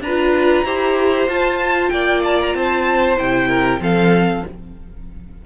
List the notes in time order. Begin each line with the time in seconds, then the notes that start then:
0.00 D4 B4 A#5
0.07 F4
0.64 E4 G4 C5
1.27 F4 A5
1.89 A#3 D5 G5
2.23 A5
2.41 A#5
2.54 C4 C5 A5
3.17 C3 E4 G5
3.48 A#4
3.79 F3 C4 A4 F5